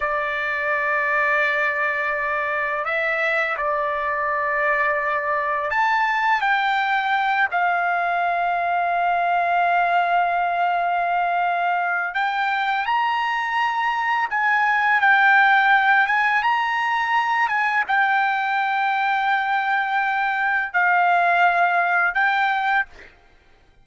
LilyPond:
\new Staff \with { instrumentName = "trumpet" } { \time 4/4 \tempo 4 = 84 d''1 | e''4 d''2. | a''4 g''4. f''4.~ | f''1~ |
f''4 g''4 ais''2 | gis''4 g''4. gis''8 ais''4~ | ais''8 gis''8 g''2.~ | g''4 f''2 g''4 | }